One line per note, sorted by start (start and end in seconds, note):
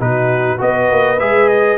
0.00 0.60 B2
0.00 0.58 D#4
0.00 0.60 F#4
0.00 0.60 B4
0.58 0.90 B3
0.58 1.17 F#4
0.58 1.78 B4
0.58 1.19 D#5
0.90 1.20 A#3
1.19 1.78 G#3
1.19 1.78 G#4
1.19 1.49 E5
1.49 1.78 D#5